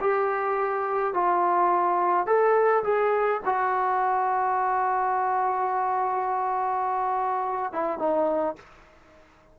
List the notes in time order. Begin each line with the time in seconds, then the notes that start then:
0.00 G4
1.13 F4
2.26 A4
2.83 G#4
3.45 F#4
7.72 E4
7.98 D#4